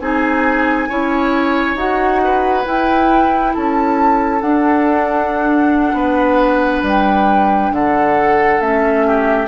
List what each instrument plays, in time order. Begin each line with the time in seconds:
0.00 bassoon C4, clarinet D#4, oboe G#4, flute G#5
0.89 bassoon C#4, clarinet E4, oboe C#5
1.75 bassoon D#4, clarinet F#4, flute F#5
2.24 oboe B4
2.65 clarinet E4, bassoon E4, flute G5
3.53 bassoon C#4, oboe A4, flute A5
4.41 bassoon D4, clarinet D4, flute F#5
5.93 bassoon B3, oboe B4
6.82 bassoon G3, flute G5
7.71 bassoon D3, oboe A4, flute F#5
8.60 bassoon A3, clarinet C#4, flute E5
9.06 oboe G4